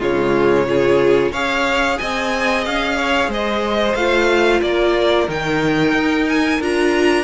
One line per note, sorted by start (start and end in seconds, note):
0.00 1.32 C#3
0.00 0.66 G#3
0.00 0.66 F4
0.00 1.33 C#5
0.67 1.33 F4
0.67 1.32 G#4
1.32 1.98 C#4
1.32 3.98 G#4
1.32 1.98 C#5
1.32 1.98 F5
1.98 2.67 C4
1.98 2.98 D#5
1.98 2.64 G#5
2.65 3.28 C#4
2.65 3.31 F5
2.98 3.30 C#5
3.28 3.94 G#3
3.28 4.62 C5
3.28 3.95 D#5
3.95 4.61 A3
3.95 5.28 F4
3.95 4.61 F5
4.62 5.28 A#3
4.62 7.24 A#4
4.62 5.28 D5
5.28 5.93 D#3
5.28 6.60 D#4
5.28 6.29 G5
5.93 6.59 D#4
6.29 6.62 G#5
6.61 7.24 D4
6.61 7.24 F4
6.61 7.24 A#5